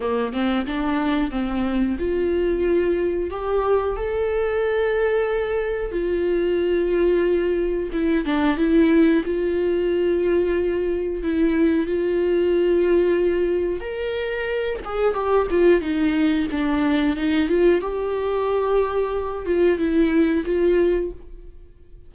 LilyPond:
\new Staff \with { instrumentName = "viola" } { \time 4/4 \tempo 4 = 91 ais8 c'8 d'4 c'4 f'4~ | f'4 g'4 a'2~ | a'4 f'2. | e'8 d'8 e'4 f'2~ |
f'4 e'4 f'2~ | f'4 ais'4. gis'8 g'8 f'8 | dis'4 d'4 dis'8 f'8 g'4~ | g'4. f'8 e'4 f'4 | }